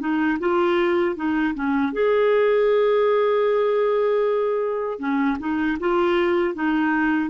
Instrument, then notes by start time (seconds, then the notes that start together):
clarinet
0.00 D#4
0.40 F4
1.16 D#4
1.55 C#4
1.93 G#4
4.99 C#4
5.40 D#4
5.80 F4
6.55 D#4